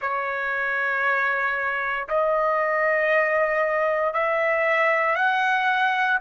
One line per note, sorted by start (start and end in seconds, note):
0.01 2.08 C#5
2.08 4.13 D#5
4.13 5.15 E5
5.15 6.18 F#5